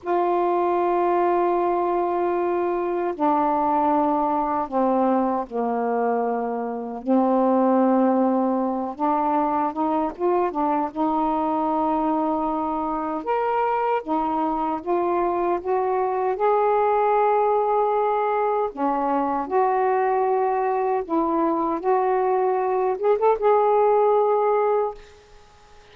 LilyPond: \new Staff \with { instrumentName = "saxophone" } { \time 4/4 \tempo 4 = 77 f'1 | d'2 c'4 ais4~ | ais4 c'2~ c'8 d'8~ | d'8 dis'8 f'8 d'8 dis'2~ |
dis'4 ais'4 dis'4 f'4 | fis'4 gis'2. | cis'4 fis'2 e'4 | fis'4. gis'16 a'16 gis'2 | }